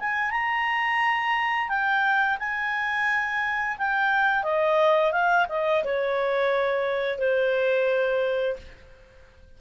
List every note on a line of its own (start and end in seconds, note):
0.00 0.31 G#5
0.31 1.69 A#5
1.69 2.38 G5
2.39 3.77 G#5
3.78 4.43 G5
4.43 5.12 D#5
5.12 5.47 F5
5.49 5.84 D#5
5.84 7.19 C#5
7.19 8.57 C5